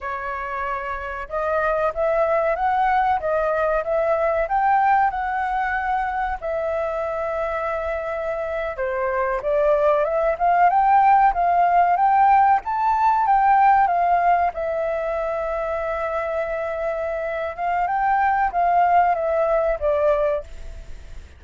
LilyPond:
\new Staff \with { instrumentName = "flute" } { \time 4/4 \tempo 4 = 94 cis''2 dis''4 e''4 | fis''4 dis''4 e''4 g''4 | fis''2 e''2~ | e''4.~ e''16 c''4 d''4 e''16~ |
e''16 f''8 g''4 f''4 g''4 a''16~ | a''8. g''4 f''4 e''4~ e''16~ | e''2.~ e''8 f''8 | g''4 f''4 e''4 d''4 | }